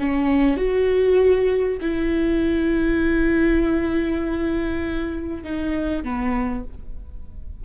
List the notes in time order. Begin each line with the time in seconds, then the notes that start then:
0.00 C#4
0.58 F#4
1.81 E4
5.44 D#4
6.04 B3